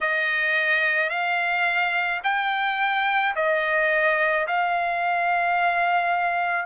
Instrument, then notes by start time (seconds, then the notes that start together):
trumpet
0.00 D#5
1.09 F5
2.23 G5
3.35 D#5
4.47 F5